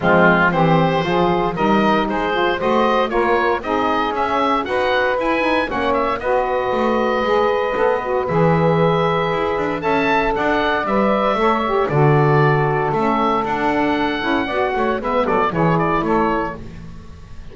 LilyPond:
<<
  \new Staff \with { instrumentName = "oboe" } { \time 4/4 \tempo 4 = 116 f'4 c''2 dis''4 | c''4 dis''4 cis''4 dis''4 | e''4 fis''4 gis''4 fis''8 e''8 | dis''1 |
e''2. a''4 | fis''4 e''2 d''4~ | d''4 e''4 fis''2~ | fis''4 e''8 d''8 cis''8 d''8 cis''4 | }
  \new Staff \with { instrumentName = "saxophone" } { \time 4/4 c'4 g'4 gis'4 ais'4 | gis'4 c''4 ais'4 gis'4~ | gis'4 b'2 cis''4 | b'1~ |
b'2. e''4 | d''2 cis''4 a'4~ | a'1 | d''8 cis''8 b'8 a'8 gis'4 a'4 | }
  \new Staff \with { instrumentName = "saxophone" } { \time 4/4 gis4 c'4 f'4 dis'4~ | dis'8 f'8 fis'4 f'4 dis'4 | cis'4 fis'4 e'8 dis'8 cis'4 | fis'2 gis'4 a'8 fis'8 |
gis'2. a'4~ | a'4 b'4 a'8 g'8 fis'4~ | fis'4 cis'4 d'4. e'8 | fis'4 b4 e'2 | }
  \new Staff \with { instrumentName = "double bass" } { \time 4/4 f4 e4 f4 g4 | gis4 a4 ais4 c'4 | cis'4 dis'4 e'4 ais4 | b4 a4 gis4 b4 |
e2 e'8 d'8 cis'4 | d'4 g4 a4 d4~ | d4 a4 d'4. cis'8 | b8 a8 gis8 fis8 e4 a4 | }
>>